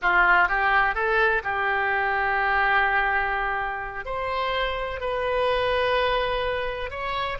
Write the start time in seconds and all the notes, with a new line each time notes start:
0.02 F4
0.48 G4
0.94 A4
1.43 G4
4.05 C5
5.00 B4
6.90 C#5